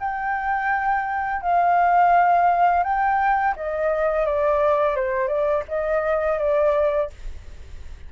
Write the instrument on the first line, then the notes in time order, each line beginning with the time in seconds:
flute
0.00 G5
1.42 F5
2.83 G5
3.56 D#5
4.26 D5
4.96 C5
5.28 D5
5.68 D#5
6.38 D5